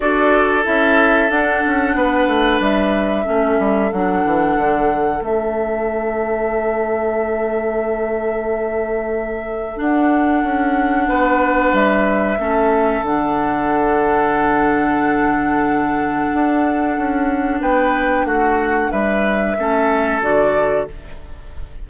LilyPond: <<
  \new Staff \with { instrumentName = "flute" } { \time 4/4 \tempo 4 = 92 d''4 e''4 fis''2 | e''2 fis''2 | e''1~ | e''2. fis''4~ |
fis''2 e''2 | fis''1~ | fis''2. g''4 | fis''4 e''2 d''4 | }
  \new Staff \with { instrumentName = "oboe" } { \time 4/4 a'2. b'4~ | b'4 a'2.~ | a'1~ | a'1~ |
a'4 b'2 a'4~ | a'1~ | a'2. b'4 | fis'4 b'4 a'2 | }
  \new Staff \with { instrumentName = "clarinet" } { \time 4/4 fis'4 e'4 d'2~ | d'4 cis'4 d'2 | cis'1~ | cis'2. d'4~ |
d'2. cis'4 | d'1~ | d'1~ | d'2 cis'4 fis'4 | }
  \new Staff \with { instrumentName = "bassoon" } { \time 4/4 d'4 cis'4 d'8 cis'8 b8 a8 | g4 a8 g8 fis8 e8 d4 | a1~ | a2. d'4 |
cis'4 b4 g4 a4 | d1~ | d4 d'4 cis'4 b4 | a4 g4 a4 d4 | }
>>